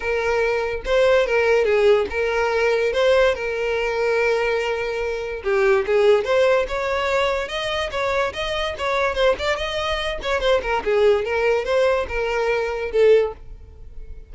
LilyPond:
\new Staff \with { instrumentName = "violin" } { \time 4/4 \tempo 4 = 144 ais'2 c''4 ais'4 | gis'4 ais'2 c''4 | ais'1~ | ais'4 g'4 gis'4 c''4 |
cis''2 dis''4 cis''4 | dis''4 cis''4 c''8 d''8 dis''4~ | dis''8 cis''8 c''8 ais'8 gis'4 ais'4 | c''4 ais'2 a'4 | }